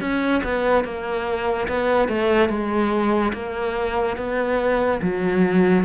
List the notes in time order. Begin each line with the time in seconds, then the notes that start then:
0.00 C#4
0.43 B3
0.84 A#3
1.68 B3
2.08 A3
2.49 G#3
3.33 A#3
4.17 B3
5.02 F#3